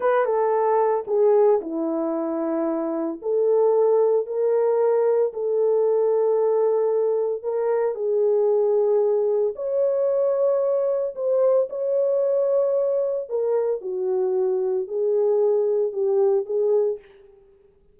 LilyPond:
\new Staff \with { instrumentName = "horn" } { \time 4/4 \tempo 4 = 113 b'8 a'4. gis'4 e'4~ | e'2 a'2 | ais'2 a'2~ | a'2 ais'4 gis'4~ |
gis'2 cis''2~ | cis''4 c''4 cis''2~ | cis''4 ais'4 fis'2 | gis'2 g'4 gis'4 | }